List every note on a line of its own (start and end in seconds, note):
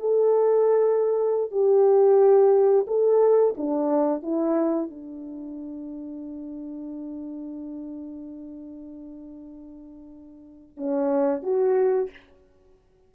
0.00 1.52 A4
1.52 2.87 G4
2.88 3.55 A4
3.58 4.23 D4
4.23 4.90 E4
4.91 10.78 D4
10.78 11.43 C#4
11.43 12.10 F#4